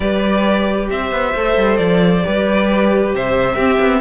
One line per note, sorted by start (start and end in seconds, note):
0.00 0.89 G3
0.00 1.35 G4
0.00 0.90 B4
0.00 0.88 D5
0.90 1.11 C4
0.90 2.25 C5
0.90 1.76 E5
1.11 1.33 B3
1.34 1.56 A3
1.34 2.22 A4
1.56 1.79 G3
1.76 2.23 F3
1.76 3.11 D5
2.22 3.14 G3
2.22 3.57 G4
2.22 3.15 B4
3.14 3.55 C3
3.14 3.55 C5
3.14 4.01 E5
3.55 3.78 C4
3.55 4.01 C4
3.55 4.00 G4
3.79 4.01 B3